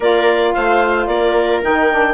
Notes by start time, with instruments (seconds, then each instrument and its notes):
0.00 bassoon A#3, saxophone F4, viola A#4, clarinet D5
0.53 bassoon A3, viola C5, clarinet F5
1.06 bassoon A#3, viola A#4, clarinet D5
1.62 bassoon D#3, saxophone D#4, clarinet G5
1.89 saxophone D4